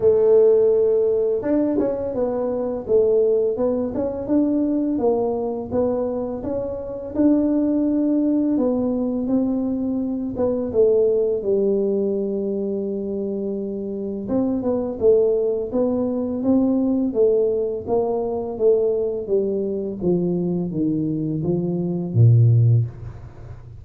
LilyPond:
\new Staff \with { instrumentName = "tuba" } { \time 4/4 \tempo 4 = 84 a2 d'8 cis'8 b4 | a4 b8 cis'8 d'4 ais4 | b4 cis'4 d'2 | b4 c'4. b8 a4 |
g1 | c'8 b8 a4 b4 c'4 | a4 ais4 a4 g4 | f4 dis4 f4 ais,4 | }